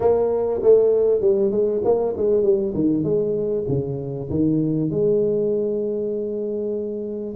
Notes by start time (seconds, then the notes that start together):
0.00 A#3
0.62 A3
1.21 G3
1.51 G#3
1.84 A#3
2.17 G#3
2.42 G3
2.74 D#3
3.03 G#3
3.68 C#3
4.30 D#3
4.90 G#3